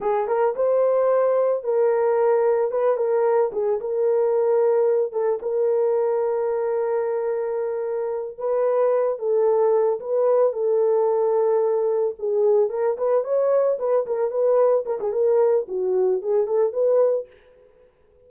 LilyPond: \new Staff \with { instrumentName = "horn" } { \time 4/4 \tempo 4 = 111 gis'8 ais'8 c''2 ais'4~ | ais'4 b'8 ais'4 gis'8 ais'4~ | ais'4. a'8 ais'2~ | ais'2.~ ais'8 b'8~ |
b'4 a'4. b'4 a'8~ | a'2~ a'8 gis'4 ais'8 | b'8 cis''4 b'8 ais'8 b'4 ais'16 gis'16 | ais'4 fis'4 gis'8 a'8 b'4 | }